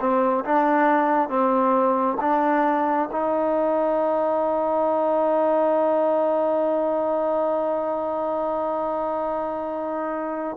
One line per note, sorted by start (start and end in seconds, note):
0.00 0.44 C4
0.45 1.29 D4
1.29 2.17 C4
2.21 3.09 D4
3.12 10.57 D#4